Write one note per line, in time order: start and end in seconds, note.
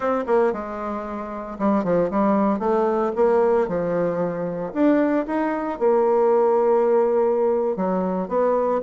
0.00 0.24 C4
0.26 0.52 A#3
0.52 1.58 G#3
1.59 1.83 G3
1.83 2.10 F3
2.10 2.59 G3
2.59 3.11 A3
3.15 3.67 A#3
3.67 4.73 F3
4.73 5.26 D4
5.26 5.79 D#4
5.79 7.76 A#3
7.76 8.28 F#3
8.28 8.81 B3